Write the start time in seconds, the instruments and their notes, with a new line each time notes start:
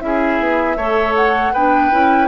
0.00 bassoon C#4, clarinet E4, oboe G#4, flute E5
0.39 bassoon B3
0.76 bassoon A3, clarinet A4, oboe C#5
1.16 flute F#5
1.53 bassoon B3, clarinet D4, oboe B4, flute G5
1.91 bassoon C#4, clarinet E4